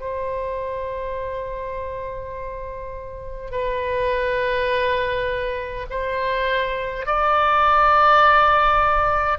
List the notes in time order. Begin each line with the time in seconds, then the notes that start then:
0.00 C5
3.51 B4
5.90 C5
7.06 D5